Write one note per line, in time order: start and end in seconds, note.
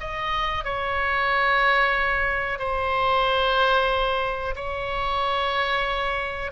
0.00 0.64 D#5
0.64 2.59 C#5
2.59 4.54 C5
4.55 6.51 C#5